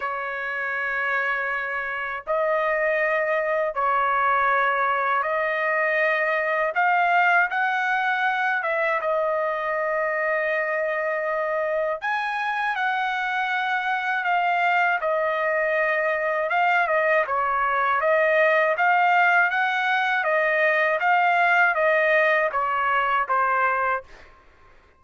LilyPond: \new Staff \with { instrumentName = "trumpet" } { \time 4/4 \tempo 4 = 80 cis''2. dis''4~ | dis''4 cis''2 dis''4~ | dis''4 f''4 fis''4. e''8 | dis''1 |
gis''4 fis''2 f''4 | dis''2 f''8 dis''8 cis''4 | dis''4 f''4 fis''4 dis''4 | f''4 dis''4 cis''4 c''4 | }